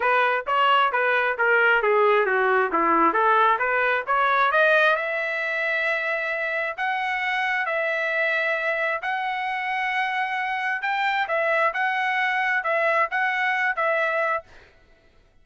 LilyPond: \new Staff \with { instrumentName = "trumpet" } { \time 4/4 \tempo 4 = 133 b'4 cis''4 b'4 ais'4 | gis'4 fis'4 e'4 a'4 | b'4 cis''4 dis''4 e''4~ | e''2. fis''4~ |
fis''4 e''2. | fis''1 | g''4 e''4 fis''2 | e''4 fis''4. e''4. | }